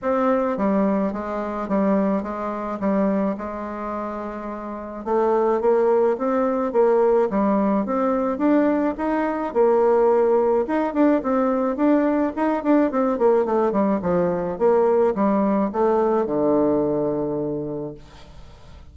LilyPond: \new Staff \with { instrumentName = "bassoon" } { \time 4/4 \tempo 4 = 107 c'4 g4 gis4 g4 | gis4 g4 gis2~ | gis4 a4 ais4 c'4 | ais4 g4 c'4 d'4 |
dis'4 ais2 dis'8 d'8 | c'4 d'4 dis'8 d'8 c'8 ais8 | a8 g8 f4 ais4 g4 | a4 d2. | }